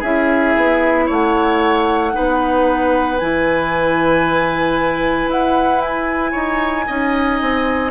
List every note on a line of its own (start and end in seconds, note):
0.00 0.55 C#4
0.00 2.12 E4
0.00 1.05 G#4
0.00 1.08 E5
0.57 1.09 B3
1.06 2.15 A3
1.06 2.12 C#5
1.06 3.18 F#5
2.12 3.21 B3
2.12 3.18 D#4
2.12 6.32 B4
3.18 5.27 E3
3.18 6.88 E4
3.18 5.29 G#5
5.27 6.33 E4
5.27 5.82 F#5
5.82 7.92 G#5
6.32 6.88 D#4
6.32 6.85 C#5
6.87 7.41 C#4
6.87 7.92 D#4
6.87 7.92 D#5
7.41 7.92 C4